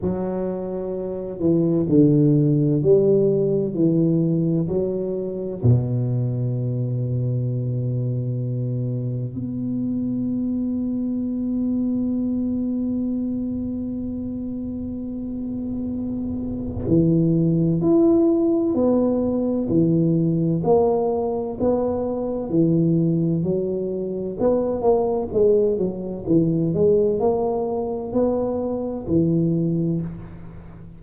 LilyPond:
\new Staff \with { instrumentName = "tuba" } { \time 4/4 \tempo 4 = 64 fis4. e8 d4 g4 | e4 fis4 b,2~ | b,2 b2~ | b1~ |
b2 e4 e'4 | b4 e4 ais4 b4 | e4 fis4 b8 ais8 gis8 fis8 | e8 gis8 ais4 b4 e4 | }